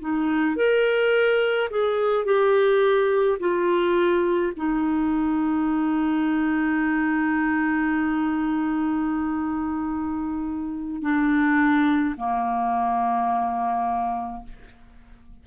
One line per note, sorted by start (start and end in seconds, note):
0.00 0.56 D#4
0.56 1.69 A#4
1.70 2.25 G#4
2.25 3.38 G4
3.40 4.53 F4
4.56 11.02 D#4
11.02 12.15 D4
12.17 14.43 A#3